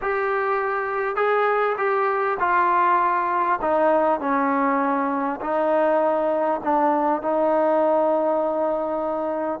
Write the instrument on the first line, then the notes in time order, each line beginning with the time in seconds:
trombone
0.01 G4
1.16 G#4
1.77 G4
2.39 F4
3.61 D#4
4.20 C#4
5.40 D#4
6.63 D4
7.21 D#4